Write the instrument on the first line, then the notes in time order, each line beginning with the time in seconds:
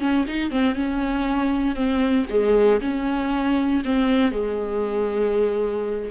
viola
0.00 C#4
0.28 D#4
0.51 C4
0.75 C#4
1.76 C4
2.30 G#3
2.82 C#4
3.85 C4
4.32 G#3